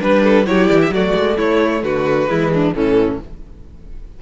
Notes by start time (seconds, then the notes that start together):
0.00 G3 D4 B4
0.24 A4
0.46 F#3 E4 G4 C#5
0.68 E3 D5
0.82 E5
0.90 F#3 A3 F#4 D5
1.15 G#3
1.37 A3 E4 C#5
1.83 D3 F#4 B4
2.27 E3 G#3 E4
2.53 D4
2.74 A2 E3 C#4 A4